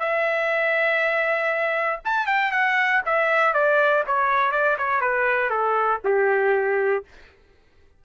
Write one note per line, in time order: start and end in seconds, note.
0.00 2.00 E5
2.05 2.27 A5
2.27 2.52 G5
2.52 3.02 F#5
3.06 3.54 E5
3.54 4.04 D5
4.07 4.52 C#5
4.52 4.77 D5
4.78 5.01 C#5
5.01 5.50 B4
5.50 6.00 A4
6.05 7.05 G4